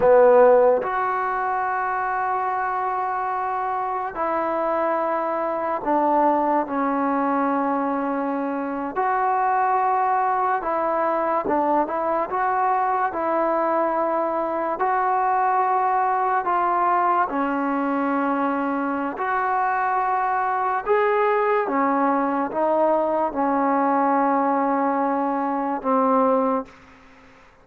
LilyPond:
\new Staff \with { instrumentName = "trombone" } { \time 4/4 \tempo 4 = 72 b4 fis'2.~ | fis'4 e'2 d'4 | cis'2~ cis'8. fis'4~ fis'16~ | fis'8. e'4 d'8 e'8 fis'4 e'16~ |
e'4.~ e'16 fis'2 f'16~ | f'8. cis'2~ cis'16 fis'4~ | fis'4 gis'4 cis'4 dis'4 | cis'2. c'4 | }